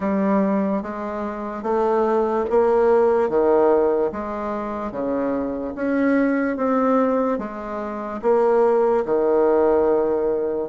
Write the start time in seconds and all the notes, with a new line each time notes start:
0.00 G3
0.82 G#3
1.63 A3
2.50 A#3
3.29 D#3
4.11 G#3
4.91 C#3
5.75 C#4
6.56 C4
7.38 G#3
8.22 A#3
9.04 D#3